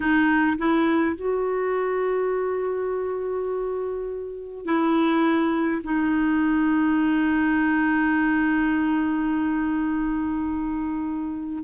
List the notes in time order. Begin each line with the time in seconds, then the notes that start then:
0.00 D#4
0.58 E4
1.15 F#4
4.65 E4
5.83 D#4